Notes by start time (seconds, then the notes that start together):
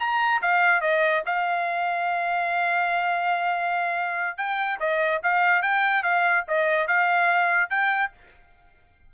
0.00 A#5
0.42 F5
0.81 D#5
1.26 F5
4.37 G5
4.80 D#5
5.23 F5
5.62 G5
6.03 F5
6.48 D#5
6.88 F5
7.70 G5